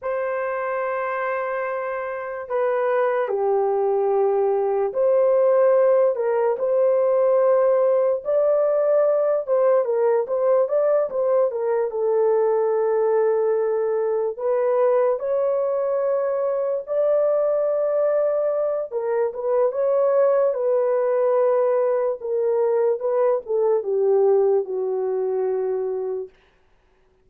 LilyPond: \new Staff \with { instrumentName = "horn" } { \time 4/4 \tempo 4 = 73 c''2. b'4 | g'2 c''4. ais'8 | c''2 d''4. c''8 | ais'8 c''8 d''8 c''8 ais'8 a'4.~ |
a'4. b'4 cis''4.~ | cis''8 d''2~ d''8 ais'8 b'8 | cis''4 b'2 ais'4 | b'8 a'8 g'4 fis'2 | }